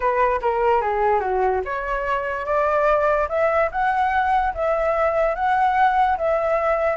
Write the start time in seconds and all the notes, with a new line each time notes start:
0.00 B4
0.41 A#4
0.81 G#4
1.20 F#4
1.65 C#5
2.45 D5
3.29 E5
3.71 F#5
4.54 E5
5.35 F#5
6.17 E5